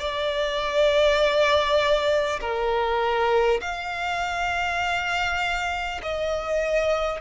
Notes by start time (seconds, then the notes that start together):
0.00 D5
2.41 A#4
3.61 F5
6.03 D#5